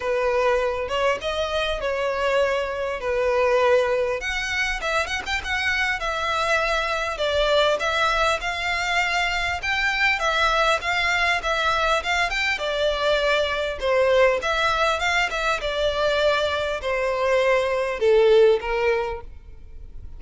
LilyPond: \new Staff \with { instrumentName = "violin" } { \time 4/4 \tempo 4 = 100 b'4. cis''8 dis''4 cis''4~ | cis''4 b'2 fis''4 | e''8 fis''16 g''16 fis''4 e''2 | d''4 e''4 f''2 |
g''4 e''4 f''4 e''4 | f''8 g''8 d''2 c''4 | e''4 f''8 e''8 d''2 | c''2 a'4 ais'4 | }